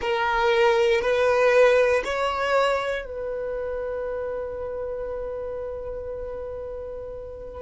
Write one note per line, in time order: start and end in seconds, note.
0.01 1.01 A#4
1.01 2.02 B4
2.04 3.05 C#5
3.05 7.62 B4